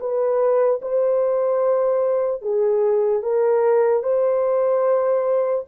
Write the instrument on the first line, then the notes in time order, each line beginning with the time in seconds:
horn
0.00 B4
0.82 C5
2.43 G#4
3.23 A#4
4.03 C5